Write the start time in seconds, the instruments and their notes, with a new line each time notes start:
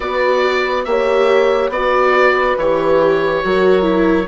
0.00 bassoon B3, viola F#4, horn B4, oboe D5
0.84 bassoon A#3, viola G4, horn C#5, oboe E5
1.69 bassoon B3, viola F#4, horn B4, oboe D5
2.56 bassoon E3, viola G4, oboe C#5
3.43 bassoon F#3, viola F#4, horn A#4
3.82 viola E4